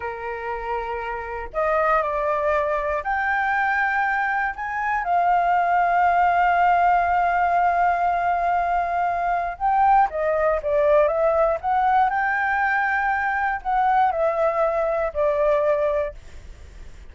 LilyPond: \new Staff \with { instrumentName = "flute" } { \time 4/4 \tempo 4 = 119 ais'2. dis''4 | d''2 g''2~ | g''4 gis''4 f''2~ | f''1~ |
f''2. g''4 | dis''4 d''4 e''4 fis''4 | g''2. fis''4 | e''2 d''2 | }